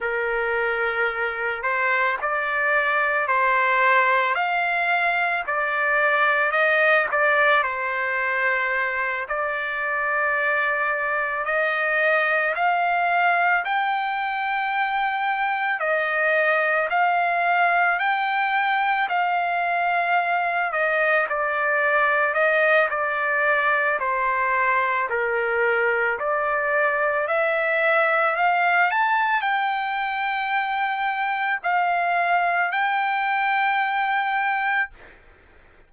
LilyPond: \new Staff \with { instrumentName = "trumpet" } { \time 4/4 \tempo 4 = 55 ais'4. c''8 d''4 c''4 | f''4 d''4 dis''8 d''8 c''4~ | c''8 d''2 dis''4 f''8~ | f''8 g''2 dis''4 f''8~ |
f''8 g''4 f''4. dis''8 d''8~ | d''8 dis''8 d''4 c''4 ais'4 | d''4 e''4 f''8 a''8 g''4~ | g''4 f''4 g''2 | }